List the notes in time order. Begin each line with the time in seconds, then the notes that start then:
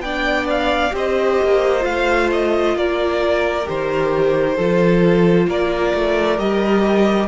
0.00 B3 D4 D5 G5
0.50 F5
0.91 C4 G4 C5
0.97 D#5
1.43 A#3
1.80 A3 F4 F5
2.32 D#5
2.76 A#3 A#4 D5
3.65 D#3 G4 C5
4.56 F3 F4 A4
5.48 A#3 A#4 D5
5.94 A3
6.38 G3 G4 D#5